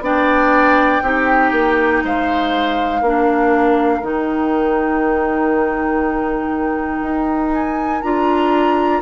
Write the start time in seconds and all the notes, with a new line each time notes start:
0.00 B3 D4 D5 G5
1.02 C4 D#4 G4
1.52 A#3
2.04 G#3 C5 F5
3.01 A#3 D4 A#4
4.01 D#3 D#4 G5
7.02 D#4
7.52 G#5
8.01 D4 F4 A#5